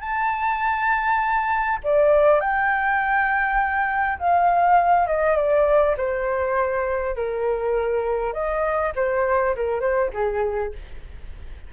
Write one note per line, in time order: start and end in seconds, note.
0.00 1.78 A5
1.83 2.40 D5
2.40 4.18 G5
4.19 5.07 F5
5.07 5.36 D#5
5.36 5.95 D5
5.97 7.16 C5
7.16 8.33 A#4
8.33 8.92 D#5
8.95 9.55 C5
9.55 9.80 A#4
9.80 10.10 C5
10.13 10.73 G#4